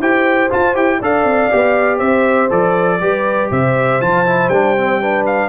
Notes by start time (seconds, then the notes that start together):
0.00 E4 G4 C5 G5
0.50 F4 A5
0.75 E4 G4 G5
0.99 D4 A4 D5 F5
1.24 C4
1.51 B3 G4
1.98 C4 C5 E5
2.50 F3 A4 D5
3.00 G3 G4 B4
3.51 C3 C5 E5
4.01 F3 F4 A5
4.26 E4
4.48 G3 D4 G5
4.77 C4
5.01 D4 B4
5.26 F5